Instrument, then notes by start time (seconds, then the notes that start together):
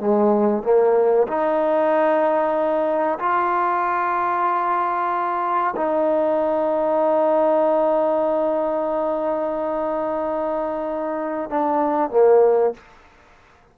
trombone
0.00 G#3
0.64 A#3
1.28 D#4
3.19 F4
5.77 D#4
11.50 D4
12.10 A#3